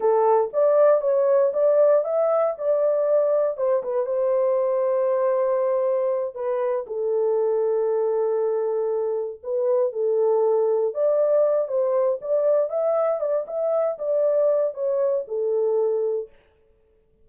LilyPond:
\new Staff \with { instrumentName = "horn" } { \time 4/4 \tempo 4 = 118 a'4 d''4 cis''4 d''4 | e''4 d''2 c''8 b'8 | c''1~ | c''8 b'4 a'2~ a'8~ |
a'2~ a'8 b'4 a'8~ | a'4. d''4. c''4 | d''4 e''4 d''8 e''4 d''8~ | d''4 cis''4 a'2 | }